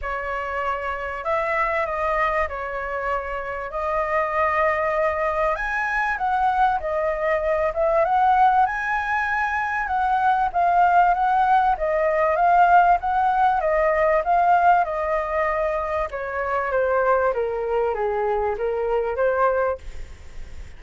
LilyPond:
\new Staff \with { instrumentName = "flute" } { \time 4/4 \tempo 4 = 97 cis''2 e''4 dis''4 | cis''2 dis''2~ | dis''4 gis''4 fis''4 dis''4~ | dis''8 e''8 fis''4 gis''2 |
fis''4 f''4 fis''4 dis''4 | f''4 fis''4 dis''4 f''4 | dis''2 cis''4 c''4 | ais'4 gis'4 ais'4 c''4 | }